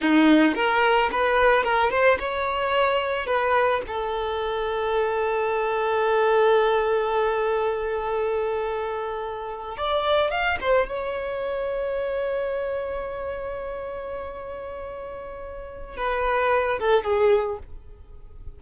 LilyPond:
\new Staff \with { instrumentName = "violin" } { \time 4/4 \tempo 4 = 109 dis'4 ais'4 b'4 ais'8 c''8 | cis''2 b'4 a'4~ | a'1~ | a'1~ |
a'4.~ a'16 d''4 f''8 c''8 cis''16~ | cis''1~ | cis''1~ | cis''4 b'4. a'8 gis'4 | }